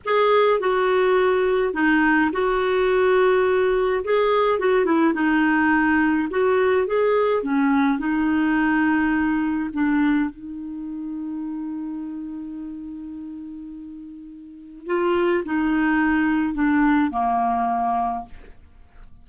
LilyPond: \new Staff \with { instrumentName = "clarinet" } { \time 4/4 \tempo 4 = 105 gis'4 fis'2 dis'4 | fis'2. gis'4 | fis'8 e'8 dis'2 fis'4 | gis'4 cis'4 dis'2~ |
dis'4 d'4 dis'2~ | dis'1~ | dis'2 f'4 dis'4~ | dis'4 d'4 ais2 | }